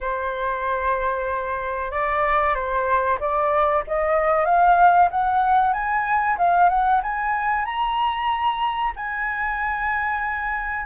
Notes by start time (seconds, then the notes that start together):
0.00 C5
1.91 D5
2.54 C5
3.19 D5
3.87 D#5
4.45 F5
5.10 F#5
5.73 G#5
6.38 F5
6.69 F#5
7.02 G#5
7.65 A#5
8.95 G#5